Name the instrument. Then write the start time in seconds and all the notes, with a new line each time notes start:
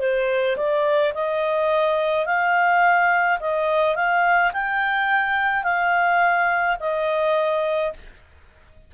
clarinet
0.00 C5
0.57 D5
1.15 D#5
2.26 F5
3.40 D#5
3.96 F5
4.53 G5
5.64 F5
6.80 D#5